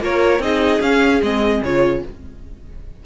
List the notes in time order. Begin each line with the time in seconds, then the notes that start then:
0.00 A#3 F4 A#4 C#5
0.39 C4 D#4 G#4 D#5
0.81 C#4 F5
1.22 G#3 C4 D#5
1.63 C#3 F4 C#5